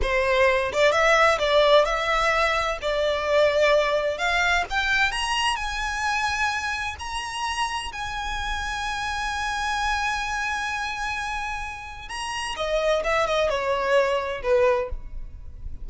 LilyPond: \new Staff \with { instrumentName = "violin" } { \time 4/4 \tempo 4 = 129 c''4. d''8 e''4 d''4 | e''2 d''2~ | d''4 f''4 g''4 ais''4 | gis''2. ais''4~ |
ais''4 gis''2.~ | gis''1~ | gis''2 ais''4 dis''4 | e''8 dis''8 cis''2 b'4 | }